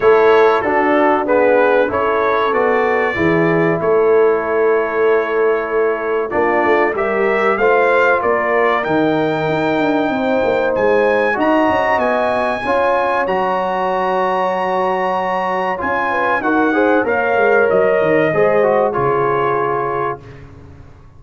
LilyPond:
<<
  \new Staff \with { instrumentName = "trumpet" } { \time 4/4 \tempo 4 = 95 cis''4 a'4 b'4 cis''4 | d''2 cis''2~ | cis''2 d''4 e''4 | f''4 d''4 g''2~ |
g''4 gis''4 ais''4 gis''4~ | gis''4 ais''2.~ | ais''4 gis''4 fis''4 f''4 | dis''2 cis''2 | }
  \new Staff \with { instrumentName = "horn" } { \time 4/4 a'4 fis'4 gis'4 a'4~ | a'4 gis'4 a'2~ | a'2 f'4 ais'4 | c''4 ais'2. |
c''2 dis''2 | cis''1~ | cis''4. b'8 ais'8 c''8 cis''4~ | cis''4 c''4 gis'2 | }
  \new Staff \with { instrumentName = "trombone" } { \time 4/4 e'4 d'4 b4 e'4 | fis'4 e'2.~ | e'2 d'4 g'4 | f'2 dis'2~ |
dis'2 fis'2 | f'4 fis'2.~ | fis'4 f'4 fis'8 gis'8 ais'4~ | ais'4 gis'8 fis'8 f'2 | }
  \new Staff \with { instrumentName = "tuba" } { \time 4/4 a4 d'2 cis'4 | b4 e4 a2~ | a2 ais8 a8 g4 | a4 ais4 dis4 dis'8 d'8 |
c'8 ais8 gis4 dis'8 cis'8 b4 | cis'4 fis2.~ | fis4 cis'4 dis'4 ais8 gis8 | fis8 dis8 gis4 cis2 | }
>>